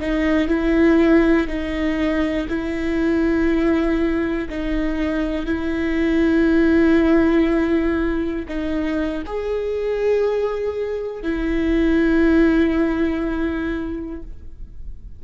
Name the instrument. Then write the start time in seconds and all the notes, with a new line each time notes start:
viola
0.00 D#4
0.48 E4
1.47 D#4
2.48 E4
4.49 D#4
5.45 E4
8.48 D#4
9.26 G#4
11.23 E4